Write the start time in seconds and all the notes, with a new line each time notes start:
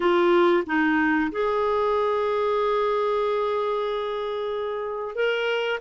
0.00 F4
0.66 D#4
1.31 G#4
5.15 A#4